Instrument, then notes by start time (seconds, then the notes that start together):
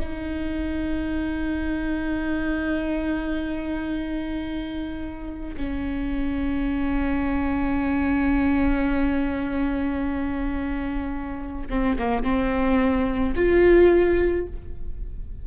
viola
0.00 D#4
5.57 C#4
11.70 C4
11.98 A#3
12.23 C4
13.35 F4